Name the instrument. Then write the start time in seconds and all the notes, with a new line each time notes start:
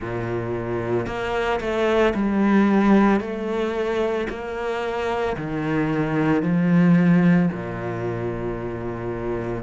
cello
0.00 A#2
1.06 A#3
1.60 A3
2.14 G3
3.20 A3
4.29 A#3
5.36 D#3
6.42 F3
7.51 A#2